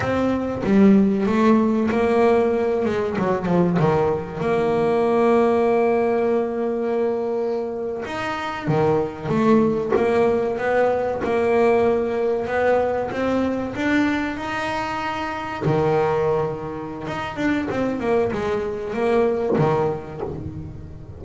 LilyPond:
\new Staff \with { instrumentName = "double bass" } { \time 4/4 \tempo 4 = 95 c'4 g4 a4 ais4~ | ais8 gis8 fis8 f8 dis4 ais4~ | ais1~ | ais8. dis'4 dis4 a4 ais16~ |
ais8. b4 ais2 b16~ | b8. c'4 d'4 dis'4~ dis'16~ | dis'8. dis2~ dis16 dis'8 d'8 | c'8 ais8 gis4 ais4 dis4 | }